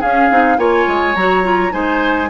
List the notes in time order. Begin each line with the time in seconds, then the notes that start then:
0.00 C#4 G#4 F5
0.30 C4 D#4
0.57 A#3 F4 C#5 G#5
0.88 G#3
1.15 F#3 F#4 A#5
1.43 F4
1.71 G#3 D#4 C5 G#5